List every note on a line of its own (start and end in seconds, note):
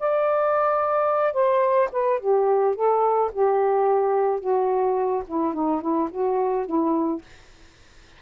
0.00 1.34 D5
1.34 1.89 C5
1.92 2.20 B4
2.20 2.76 G4
2.76 3.31 A4
3.33 4.40 G4
4.40 5.24 F#4
5.28 5.54 E4
5.54 5.82 D#4
5.82 6.10 E4
6.11 6.66 F#4
6.66 7.22 E4